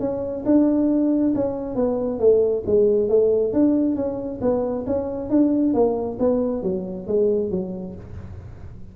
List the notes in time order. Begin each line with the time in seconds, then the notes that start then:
0.00 C#4
0.46 D4
1.35 C#4
1.76 B3
2.20 A3
2.66 G#3
3.09 A3
3.53 D4
3.96 C#4
4.41 B3
4.87 C#4
5.30 D4
5.74 A#3
6.19 B3
6.63 F#3
7.07 G#3
7.51 F#3